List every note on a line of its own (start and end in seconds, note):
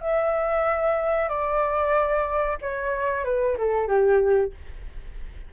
0.00 1.28 E5
1.28 2.57 D5
2.61 3.24 C#5
3.24 3.57 B4
3.58 3.87 A4
3.87 4.52 G4